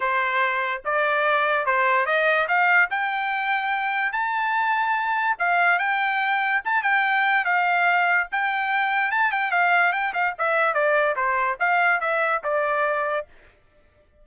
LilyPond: \new Staff \with { instrumentName = "trumpet" } { \time 4/4 \tempo 4 = 145 c''2 d''2 | c''4 dis''4 f''4 g''4~ | g''2 a''2~ | a''4 f''4 g''2 |
a''8 g''4. f''2 | g''2 a''8 g''8 f''4 | g''8 f''8 e''4 d''4 c''4 | f''4 e''4 d''2 | }